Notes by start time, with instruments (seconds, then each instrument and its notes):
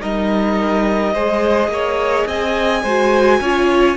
0.00 cello G3, viola D#4, violin A#4 D#5
1.13 cello G#3, viola G#4, violin C5
1.68 cello A#3, violin C#5
2.27 cello C4, violin D#5 G#5
2.83 cello G#3, viola F#4, violin C5
3.41 cello C#4, viola F4, violin C#5